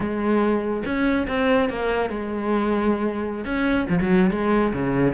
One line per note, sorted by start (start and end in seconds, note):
0.00 0.83 G#3
0.85 1.27 C#4
1.27 1.69 C4
1.69 2.09 A#3
2.09 3.44 G#3
3.44 3.86 C#4
3.89 3.99 F3
4.01 4.30 F#3
4.30 4.72 G#3
4.73 5.13 C#3